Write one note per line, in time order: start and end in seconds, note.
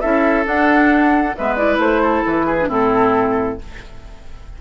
0.00 0.45 C#4
0.00 0.44 E4
0.00 1.36 A4
0.00 0.45 E5
0.44 1.34 D4
0.44 1.35 D4
0.44 1.36 F#5
1.36 1.78 G#3
1.36 1.57 B3
1.36 2.02 B4
1.36 1.55 E5
1.55 2.58 E4
1.55 1.78 D5
1.78 2.22 A3
1.78 2.25 C5
2.02 2.46 A4
2.26 2.68 E3
2.26 2.71 B4
2.46 2.68 G#4
2.60 2.68 D4
2.68 3.58 A2
2.68 3.58 C4
2.68 3.57 E4
2.68 3.61 A4